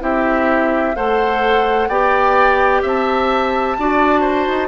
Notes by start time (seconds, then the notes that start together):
0.00 C4 E4 G4 E5
0.95 A3 A4 C5 F#5
1.88 B3 G4 D5 G5
2.82 C4 E5 A5
3.78 D4 F#4 D5
4.21 C5
4.47 D#4